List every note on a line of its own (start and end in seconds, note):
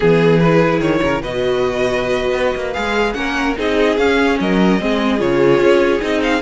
0.00 0.80 E3
0.00 0.40 B3
0.00 0.39 G#4
0.00 0.99 G#4
0.39 1.24 E4
0.39 0.80 B4
0.80 1.00 D#3
0.80 1.22 C#5
1.02 1.22 C#3
1.02 1.22 A#4
1.22 2.33 B2
1.22 2.74 F#4
1.22 3.15 B4
1.22 2.73 D#5
2.33 2.53 B3
2.55 2.76 A#3
2.73 3.15 G#3
2.73 3.14 G#4
2.73 3.13 F5
3.13 3.55 A#3
3.13 3.54 C#4
3.13 3.58 A#4
3.13 3.54 F#5
3.57 3.97 C4
3.57 3.98 D#4
3.57 4.40 G#4
3.57 3.97 D#5
3.97 4.37 C#4
3.97 4.79 C#4
3.97 4.38 F5
4.39 4.80 F#3
4.39 4.81 A#4
4.39 5.20 D#5
4.79 5.21 G#3
4.79 5.18 C4
4.79 6.42 G#4
5.18 5.59 C#3
5.18 6.00 F4
5.18 6.01 C#5
5.59 6.00 C#4
6.01 6.42 C4
6.01 6.41 D#4
6.01 6.21 D#5
6.23 6.42 F5